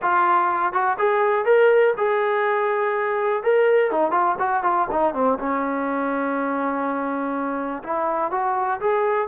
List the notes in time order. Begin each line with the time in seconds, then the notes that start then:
0.02 F4
0.73 F#4
0.98 G#4
1.45 A#4
1.97 G#4
3.43 A#4
3.91 D#4
4.11 F4
4.38 F#4
4.63 F4
4.91 D#4
5.14 C4
5.39 C#4
7.83 E4
8.31 F#4
8.80 G#4